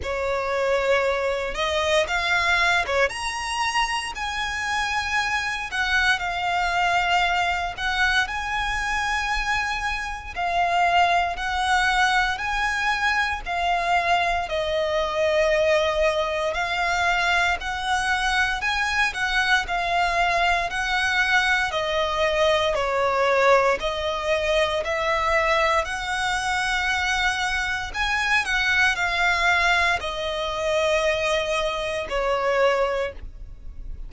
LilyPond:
\new Staff \with { instrumentName = "violin" } { \time 4/4 \tempo 4 = 58 cis''4. dis''8 f''8. cis''16 ais''4 | gis''4. fis''8 f''4. fis''8 | gis''2 f''4 fis''4 | gis''4 f''4 dis''2 |
f''4 fis''4 gis''8 fis''8 f''4 | fis''4 dis''4 cis''4 dis''4 | e''4 fis''2 gis''8 fis''8 | f''4 dis''2 cis''4 | }